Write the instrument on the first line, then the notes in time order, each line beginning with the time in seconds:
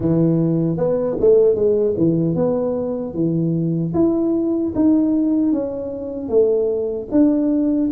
tuba
0.00 E3
0.77 B3
1.20 A3
1.55 G#3
1.97 E3
2.35 B3
3.14 E3
3.94 E4
4.75 D#4
5.52 C#4
6.28 A3
7.11 D4